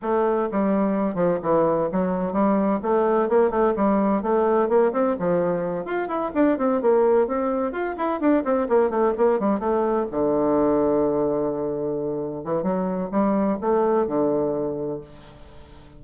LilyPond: \new Staff \with { instrumentName = "bassoon" } { \time 4/4 \tempo 4 = 128 a4 g4. f8 e4 | fis4 g4 a4 ais8 a8 | g4 a4 ais8 c'8 f4~ | f8 f'8 e'8 d'8 c'8 ais4 c'8~ |
c'8 f'8 e'8 d'8 c'8 ais8 a8 ais8 | g8 a4 d2~ d8~ | d2~ d8 e8 fis4 | g4 a4 d2 | }